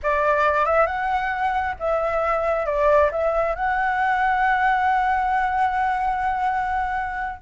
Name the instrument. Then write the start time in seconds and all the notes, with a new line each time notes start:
flute
0.02 D5
0.65 E5
0.86 F#5
1.79 E5
2.66 D5
3.11 E5
3.55 F#5